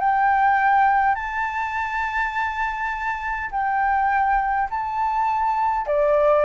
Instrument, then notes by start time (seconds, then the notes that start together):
flute
0.00 G5
1.15 A5
3.51 G5
4.70 A5
5.87 D5